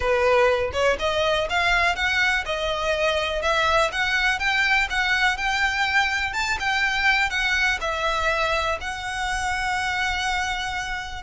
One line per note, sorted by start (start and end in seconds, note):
0.00 0.71 B4
0.73 0.97 C#5
0.99 1.48 D#5
1.49 1.95 F5
1.95 2.44 F#5
2.45 3.41 D#5
3.41 3.90 E5
3.92 4.39 F#5
4.39 4.88 G5
4.90 5.37 F#5
5.37 6.33 G5
6.33 6.57 A5
6.59 7.30 G5
7.30 7.78 F#5
7.80 8.78 E5
8.80 11.22 F#5